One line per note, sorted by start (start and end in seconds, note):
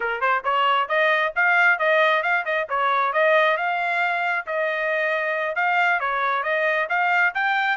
0.00 0.20 A#4
0.20 0.43 C5
0.44 0.88 C#5
0.88 1.32 D#5
1.35 1.78 F5
1.78 2.22 D#5
2.22 2.44 F5
2.45 2.67 D#5
2.69 3.12 C#5
3.12 3.57 D#5
3.57 4.46 F5
4.46 5.55 D#5
5.55 5.99 F5
5.99 6.43 C#5
6.43 6.87 D#5
6.89 7.33 F5
7.34 7.77 G5